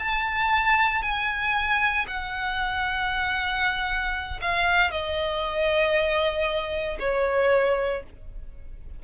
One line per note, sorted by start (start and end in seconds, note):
0.00 1.03 A5
1.03 2.06 G#5
2.08 4.41 F#5
4.42 4.91 F5
4.91 6.98 D#5
7.00 8.03 C#5